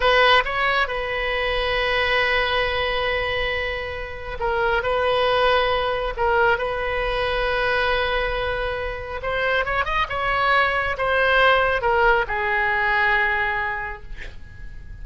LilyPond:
\new Staff \with { instrumentName = "oboe" } { \time 4/4 \tempo 4 = 137 b'4 cis''4 b'2~ | b'1~ | b'2 ais'4 b'4~ | b'2 ais'4 b'4~ |
b'1~ | b'4 c''4 cis''8 dis''8 cis''4~ | cis''4 c''2 ais'4 | gis'1 | }